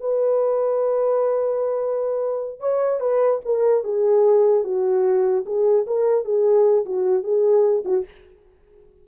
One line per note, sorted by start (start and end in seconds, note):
0.00 2.60 B4
2.60 3.00 C#5
3.00 3.40 B4
3.45 3.83 A#4
3.83 4.64 G#4
4.64 5.44 F#4
5.45 5.86 G#4
5.86 6.24 A#4
6.24 6.85 G#4
6.85 7.23 F#4
7.23 7.84 G#4
7.85 8.05 F#4